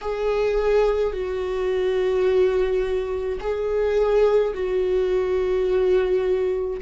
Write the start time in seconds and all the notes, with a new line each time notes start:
0.01 G#4
1.12 F#4
3.40 G#4
4.54 F#4